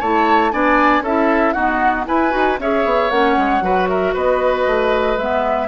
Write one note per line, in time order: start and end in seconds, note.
0.00 0.53 A3
0.00 0.52 E4
0.00 0.52 C#5
0.00 0.52 A5
0.52 1.01 B3
0.52 1.03 D4
0.52 1.04 D5
0.52 1.04 G#5
1.01 1.52 C#4
1.01 1.56 E4
1.01 1.54 A4
1.01 1.53 E5
1.53 2.06 B3
1.53 2.07 D#4
1.53 2.06 F#4
1.53 2.05 F#5
2.06 2.31 E4
2.06 2.34 E4
2.06 2.60 B4
2.06 2.59 G#5
2.31 2.59 D#4
2.31 2.56 F#4
2.59 2.85 C#4
2.59 3.11 G#4
2.59 3.64 C#5
2.59 3.10 E5
2.85 3.11 B3
3.10 3.37 A#3
3.10 3.62 C#4
3.10 3.88 F#5
3.37 3.61 G#3
3.61 4.13 F#3
3.61 5.17 F#4
3.61 3.89 B4
3.89 4.14 A#4
3.89 4.14 E5
4.14 4.66 B3
4.14 5.68 B4
4.14 5.18 D#5
4.66 5.17 A3
5.17 5.68 G#3
5.17 5.68 B3
5.17 5.68 E5